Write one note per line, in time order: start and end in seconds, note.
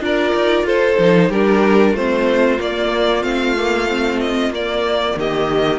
0.00 0.32 D4
0.00 0.97 F4
0.00 0.66 A#4
0.00 0.67 D5
0.35 0.63 D#4
0.63 0.95 F4
0.63 1.29 A4
0.63 1.31 C5
0.98 1.29 F3
0.98 1.32 D#4
1.29 1.93 G3
1.29 1.96 D4
1.29 1.91 G4
1.29 1.96 A#4
1.91 2.58 A3
1.91 2.58 C4
1.91 5.14 F4
1.91 2.60 C5
2.58 3.22 A#3
2.58 3.23 A#3
2.58 3.23 D5
3.22 4.49 A3
3.22 3.54 C4
3.22 4.19 F5
3.57 3.88 A#3
3.88 4.53 C4
4.20 4.52 D#5
4.49 5.14 A#3
4.49 5.79 A#3
4.49 5.19 D5
5.16 5.79 D#3
5.16 5.79 G4
5.16 5.79 D#5